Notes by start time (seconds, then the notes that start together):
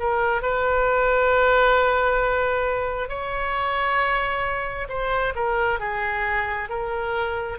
0.00 A#4
0.42 B4
3.09 C#5
4.89 C5
5.35 A#4
5.80 G#4
6.70 A#4